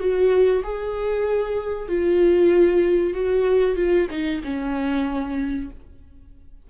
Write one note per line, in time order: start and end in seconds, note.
0.00 0.63 F#4
0.64 1.89 G#4
1.89 3.14 F4
3.14 3.76 F#4
3.76 4.08 F4
4.11 4.42 D#4
4.44 5.71 C#4